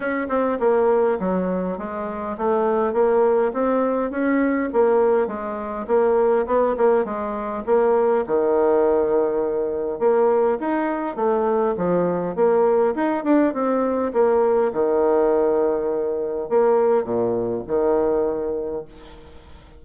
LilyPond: \new Staff \with { instrumentName = "bassoon" } { \time 4/4 \tempo 4 = 102 cis'8 c'8 ais4 fis4 gis4 | a4 ais4 c'4 cis'4 | ais4 gis4 ais4 b8 ais8 | gis4 ais4 dis2~ |
dis4 ais4 dis'4 a4 | f4 ais4 dis'8 d'8 c'4 | ais4 dis2. | ais4 ais,4 dis2 | }